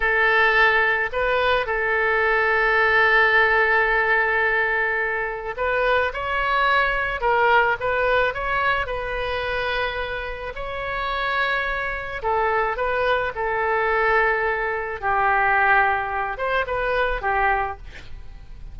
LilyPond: \new Staff \with { instrumentName = "oboe" } { \time 4/4 \tempo 4 = 108 a'2 b'4 a'4~ | a'1~ | a'2 b'4 cis''4~ | cis''4 ais'4 b'4 cis''4 |
b'2. cis''4~ | cis''2 a'4 b'4 | a'2. g'4~ | g'4. c''8 b'4 g'4 | }